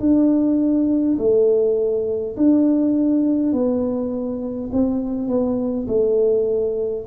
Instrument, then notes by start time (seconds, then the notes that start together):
tuba
0.00 D4
1.18 A3
2.36 D4
3.53 B3
4.73 C4
5.28 B3
5.88 A3